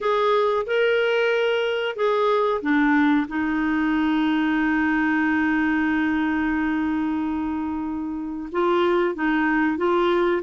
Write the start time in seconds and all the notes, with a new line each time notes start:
0.01 G#4
0.66 A#4
1.96 G#4
2.61 D4
3.28 D#4
8.52 F4
9.14 D#4
9.77 F4